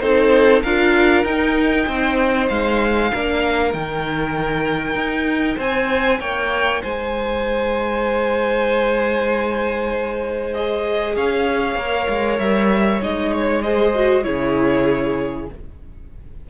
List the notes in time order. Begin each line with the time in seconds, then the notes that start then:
0.00 C4 D#4 A4 C5
0.62 D4 F4 A#4 F5
1.24 D#4 G5
1.87 C4 C5
2.49 G#3 F5
3.13 A#3 D4 A#4
3.73 D#3 D#4 G5
4.95 D#4
5.56 C4 C5 G#5
6.20 A#3 C#5 G5
6.82 G#3 C5 G#5
10.54 G#4 D#5
11.16 C#4 C#5 F5
11.76 A#3 A#4
12.09 G#3
12.39 G3 E5
13.01 G#3 D#4 D#5
13.33 C#5
13.63 G#4 C5 D#5
13.95 F#4
14.24 C#3 E4 G#4 C#5